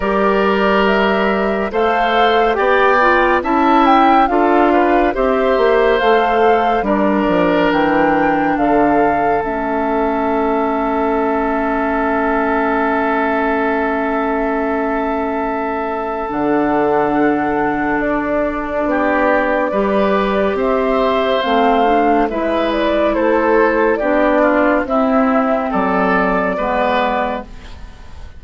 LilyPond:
<<
  \new Staff \with { instrumentName = "flute" } { \time 4/4 \tempo 4 = 70 d''4 e''4 f''4 g''4 | a''8 g''8 f''4 e''4 f''4 | d''4 g''4 f''4 e''4~ | e''1~ |
e''2. fis''4~ | fis''4 d''2. | e''4 f''4 e''8 d''8 c''4 | d''4 e''4 d''2 | }
  \new Staff \with { instrumentName = "oboe" } { \time 4/4 ais'2 c''4 d''4 | e''4 a'8 b'8 c''2 | ais'2 a'2~ | a'1~ |
a'1~ | a'2 g'4 b'4 | c''2 b'4 a'4 | g'8 f'8 e'4 a'4 b'4 | }
  \new Staff \with { instrumentName = "clarinet" } { \time 4/4 g'2 a'4 g'8 f'8 | e'4 f'4 g'4 a'4 | d'2. cis'4~ | cis'1~ |
cis'2. d'4~ | d'2. g'4~ | g'4 c'8 d'8 e'2 | d'4 c'2 b4 | }
  \new Staff \with { instrumentName = "bassoon" } { \time 4/4 g2 a4 b4 | cis'4 d'4 c'8 ais8 a4 | g8 f8 e4 d4 a4~ | a1~ |
a2. d4~ | d4 d'4 b4 g4 | c'4 a4 gis4 a4 | b4 c'4 fis4 gis4 | }
>>